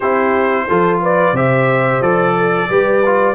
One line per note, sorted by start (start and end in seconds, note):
0.00 0.68 C4
0.00 0.69 E4
0.00 0.65 G4
0.00 1.00 C5
0.68 1.33 F3
0.68 1.35 F4
0.68 1.01 A4
1.01 1.34 B4
1.01 1.36 D5
1.33 2.00 C3
1.33 2.02 G4
1.33 2.35 C5
1.33 2.02 E5
2.01 2.68 F3
2.01 2.69 A4
2.01 3.35 D5
2.37 2.69 A4
2.69 3.35 G3
2.69 3.03 G4
2.69 3.35 B4
3.05 3.35 F4